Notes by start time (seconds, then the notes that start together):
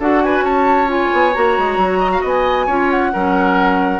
0.00 D4 F#4 A4 F#5
0.24 B4 G#5
0.40 C#4 C#5 A5
0.87 F4 G#5
1.13 B3
1.34 A#3 F#4 A#5
1.58 G#3
1.77 F#3
2.00 D#5
2.12 F5
2.22 B3 D#5
2.28 G#5
2.67 C#4 F4 C#5
2.91 F#5
3.13 F#3 C#4 A#4